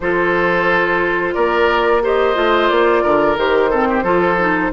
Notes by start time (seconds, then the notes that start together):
0.00 F3 F4 A4 C5
1.34 A#3 A#4 D5
2.03 G4 C5 D#5
2.35 A3 F4
2.68 A#3 D5
3.03 D3 A#4
3.36 D#3 G4 C5
3.70 C4 A4
3.89 G4
4.02 F3 F4 A4
4.38 D#4